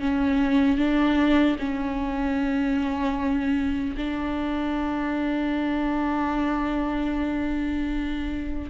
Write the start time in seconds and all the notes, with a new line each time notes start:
0.00 C#4
0.78 D4
1.59 C#4
3.97 D4